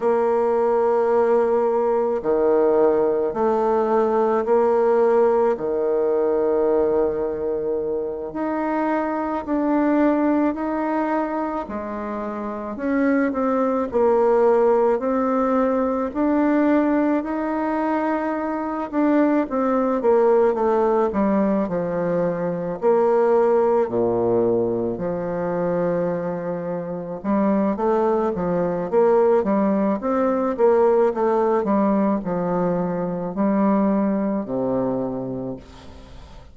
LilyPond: \new Staff \with { instrumentName = "bassoon" } { \time 4/4 \tempo 4 = 54 ais2 dis4 a4 | ais4 dis2~ dis8 dis'8~ | dis'8 d'4 dis'4 gis4 cis'8 | c'8 ais4 c'4 d'4 dis'8~ |
dis'4 d'8 c'8 ais8 a8 g8 f8~ | f8 ais4 ais,4 f4.~ | f8 g8 a8 f8 ais8 g8 c'8 ais8 | a8 g8 f4 g4 c4 | }